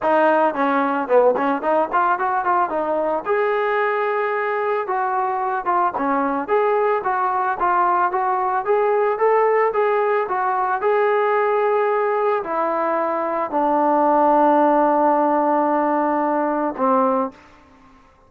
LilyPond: \new Staff \with { instrumentName = "trombone" } { \time 4/4 \tempo 4 = 111 dis'4 cis'4 b8 cis'8 dis'8 f'8 | fis'8 f'8 dis'4 gis'2~ | gis'4 fis'4. f'8 cis'4 | gis'4 fis'4 f'4 fis'4 |
gis'4 a'4 gis'4 fis'4 | gis'2. e'4~ | e'4 d'2.~ | d'2. c'4 | }